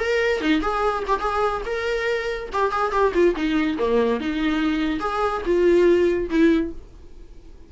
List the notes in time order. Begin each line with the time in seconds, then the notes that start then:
0.00 A#4
0.41 D#4
0.62 G#4
1.08 G4
1.21 G#4
1.66 A#4
2.53 G4
2.72 G#4
2.92 G4
3.14 F4
3.36 D#4
3.79 A#3
4.21 D#4
5.00 G#4
5.46 F4
6.30 E4